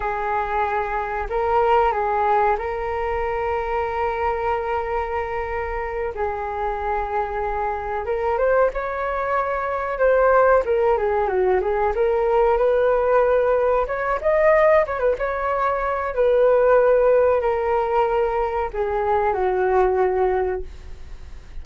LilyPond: \new Staff \with { instrumentName = "flute" } { \time 4/4 \tempo 4 = 93 gis'2 ais'4 gis'4 | ais'1~ | ais'4. gis'2~ gis'8~ | gis'8 ais'8 c''8 cis''2 c''8~ |
c''8 ais'8 gis'8 fis'8 gis'8 ais'4 b'8~ | b'4. cis''8 dis''4 cis''16 b'16 cis''8~ | cis''4 b'2 ais'4~ | ais'4 gis'4 fis'2 | }